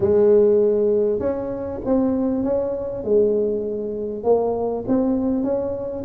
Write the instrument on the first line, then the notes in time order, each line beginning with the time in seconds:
tuba
0.00 G#3
1.19 C#4
1.85 C4
2.43 C#4
3.04 G#3
4.23 A#3
4.87 C4
5.43 C#4